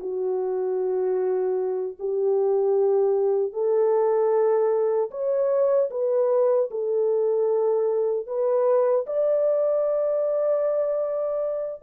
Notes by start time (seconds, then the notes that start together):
0.00 F#4
1.99 G4
3.52 A4
5.11 C#5
5.90 B4
6.71 A4
8.26 B4
9.06 D5